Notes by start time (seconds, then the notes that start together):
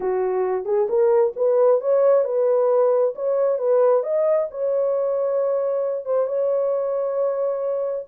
0.00 F#4
0.65 G#4
0.89 A#4
1.36 B4
1.81 C#5
2.24 B4
3.15 C#5
3.58 B4
4.03 D#5
4.50 C#5
6.05 C5
6.26 C#5